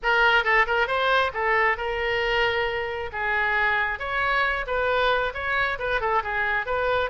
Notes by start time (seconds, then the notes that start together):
0.02 A#4
0.43 A4
0.66 A#4
0.87 C5
1.33 A4
1.77 A#4
3.12 G#4
3.99 C#5
4.66 B4
5.34 C#5
5.78 B4
6.00 A4
6.23 G#4
6.66 B4